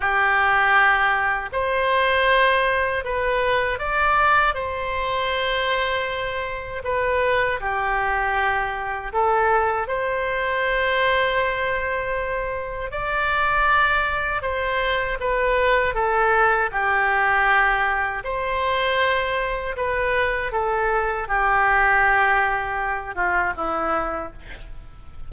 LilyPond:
\new Staff \with { instrumentName = "oboe" } { \time 4/4 \tempo 4 = 79 g'2 c''2 | b'4 d''4 c''2~ | c''4 b'4 g'2 | a'4 c''2.~ |
c''4 d''2 c''4 | b'4 a'4 g'2 | c''2 b'4 a'4 | g'2~ g'8 f'8 e'4 | }